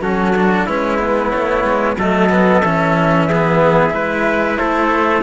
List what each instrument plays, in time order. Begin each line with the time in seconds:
0.00 cello F#3 C#4, trumpet F#4, flute A4
0.36 cello D4
0.65 cello G#3 C#4, trumpet E4, flute B4
0.98 cello B3
1.30 cello A3, flute C#5
1.63 cello G#3
1.97 cello F#3 A3, trumpet A4, flute D#5
2.29 cello B3
2.63 cello E3 C#4, flute E5
3.29 cello B3, trumpet G#4
3.90 cello G#3 E4, trumpet B4
4.57 cello A3, trumpet A4, flute C5